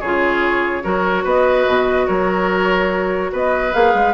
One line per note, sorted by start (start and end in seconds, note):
0.00 0.84 C#3
0.00 0.83 F4
0.00 0.83 G#4
0.00 1.24 C#5
0.83 1.25 F#3
0.83 3.72 F#4
0.83 1.24 A#4
1.24 1.66 B3
1.24 2.07 B4
1.24 2.07 D#5
1.67 2.08 B2
2.07 3.32 F#3
2.07 3.31 A#4
2.07 3.31 C#5
3.32 3.74 B3
3.32 4.14 B4
3.32 3.74 D#5
3.73 3.94 A#3
3.73 4.14 G#4
3.73 4.14 F5
3.94 4.14 G#3